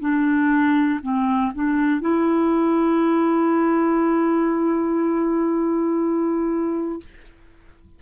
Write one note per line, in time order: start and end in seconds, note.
0.00 1.00 D4
1.03 1.53 C4
1.55 2.01 D4
2.01 7.01 E4